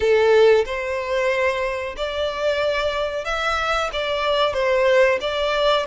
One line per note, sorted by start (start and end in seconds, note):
0.00 0.65 A4
0.65 1.95 C5
1.97 3.24 D5
3.24 3.90 E5
3.92 4.53 D5
4.53 5.18 C5
5.20 5.85 D5